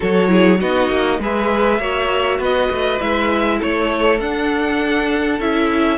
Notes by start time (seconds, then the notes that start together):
0.00 F#3 F#4 A4 C#5
0.27 E4 G#4
0.59 B3 D#4 F#4 D#5
0.89 A#3
1.19 G#3 G#4 B4 E5
1.79 A#3 F#4 C#5
2.37 B3 B4 D#5
2.70 A3
2.99 G#3 E4 E5
3.58 A3 A4 C#5
4.19 D4 F#5
5.39 C#4 E4 E5